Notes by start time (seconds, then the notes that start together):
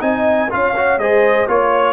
0.00 C4 D#4 D#5 G#5
0.51 C#4 F4 C#5 F5
0.76 F#4
0.98 G#3 G#4 C5 D#5
1.47 A#3 F4 C#5